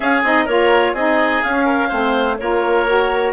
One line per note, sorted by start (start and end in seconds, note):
0.00 0.24 C#4
0.00 0.23 C#4
0.00 0.45 G#4
0.00 0.22 F5
0.23 0.46 C4
0.23 0.48 D#4
0.23 0.47 D#5
0.45 0.94 A#3
0.45 0.96 F4
0.45 0.92 A#4
0.45 0.94 C#5
0.93 1.41 C4
0.93 1.44 D#4
0.93 1.65 G#4
0.93 1.42 D#5
1.42 1.91 C#4
1.42 1.90 C#4
1.42 2.37 F5
1.65 1.88 A#4
1.88 2.39 A3
1.88 2.38 C4
1.88 2.36 C5
2.37 3.33 A#3
2.37 2.87 F4
2.37 3.33 A#4
2.37 3.33 C#5
2.87 3.33 F#4